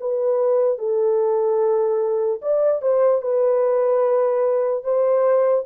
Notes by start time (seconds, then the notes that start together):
0.00 B4
0.78 A4
2.41 D5
2.82 C5
3.22 B4
4.84 C5